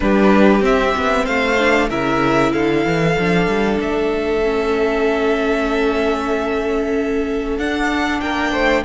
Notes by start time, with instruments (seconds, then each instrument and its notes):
0.00 cello G3, viola D4, violin G4 B4
0.61 viola C4, cello C4, violin E5
0.97 cello B3
1.24 cello A3, violin C5 F5
1.58 viola D4
1.89 cello C#3, viola E4, violin A#4 E5
2.52 cello D3, violin A4 F5
2.85 cello E3
3.18 cello F3, viola D4
3.47 cello G3
3.79 cello A3, violin E5
4.43 viola C#4
7.57 cello D4, viola D4, violin F#5
8.20 cello A#3, violin A#4 G5
8.51 cello A3, violin C5